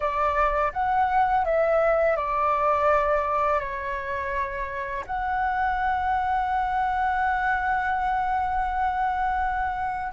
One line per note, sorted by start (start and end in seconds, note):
0.00 0.72 D5
0.72 1.45 F#5
1.45 2.16 E5
2.16 3.59 D5
3.59 5.04 C#5
5.06 10.12 F#5